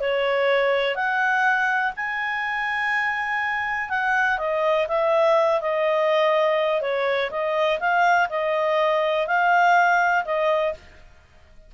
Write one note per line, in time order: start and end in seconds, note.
0.00 0.95 C#5
0.95 1.92 F#5
1.96 3.89 G#5
3.89 4.38 F#5
4.38 4.87 D#5
4.88 5.61 E5
5.61 6.81 D#5
6.81 7.30 C#5
7.30 7.79 D#5
7.79 8.28 F5
8.29 9.27 D#5
9.27 10.24 F5
10.25 10.73 D#5